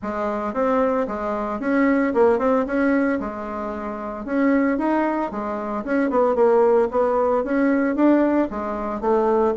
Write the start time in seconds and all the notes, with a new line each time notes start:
0.02 G#3
0.53 C4
1.07 G#3
1.60 C#4
2.14 A#3
2.38 C4
2.66 C#4
3.20 G#3
4.25 C#4
4.78 D#4
5.31 G#3
5.84 C#4
6.10 B3
6.35 A#3
6.91 B3
7.44 C#4
7.95 D4
8.50 G#3
9.00 A3